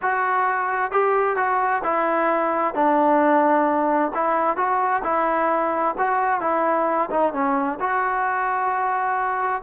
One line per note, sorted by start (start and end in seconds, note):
0.01 0.91 F#4
0.91 1.36 G4
1.36 1.82 F#4
1.83 2.74 E4
2.74 4.12 D4
4.14 4.56 E4
4.56 5.02 F#4
5.03 5.95 E4
5.98 6.41 F#4
6.41 7.09 E4
7.10 7.33 D#4
7.33 7.79 C#4
7.79 9.62 F#4